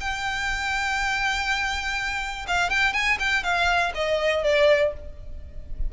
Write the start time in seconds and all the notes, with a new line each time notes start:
0.00 G5
2.47 F5
2.70 G5
2.93 G#5
3.19 G5
3.43 F5
3.94 D#5
4.44 D5